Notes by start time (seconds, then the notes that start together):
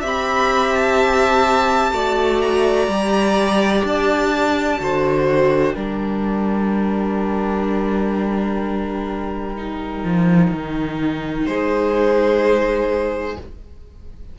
0.00 C4 G4 E5
0.06 B5
0.75 A5
1.92 A3 F#4 D5
2.41 A#5
2.87 G3 G4
3.84 D4 A5
4.78 D3 F#4 C5
5.27 G5
5.74 G3 D4 A#4
9.55 D#4
10.03 F3
10.51 D#3
11.45 G#3 G#4 C5